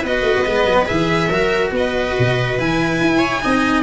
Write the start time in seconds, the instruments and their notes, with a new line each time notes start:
0.00 tuba B3, viola B4
0.06 cello F#4, violin D#5
0.22 tuba A3
0.37 tuba B3
0.45 tuba G#3, cello B3
0.65 tuba F#3
0.86 tuba E3, cello G#4, violin E5
1.29 tuba F#3, cello F#4, viola A#4
1.71 tuba B3, viola B4, violin D#5
2.19 tuba B2
2.58 tuba E3, cello E4, violin G#5
3.01 tuba E4
3.18 viola C#5
3.41 tuba C4, cello D#4, viola D#5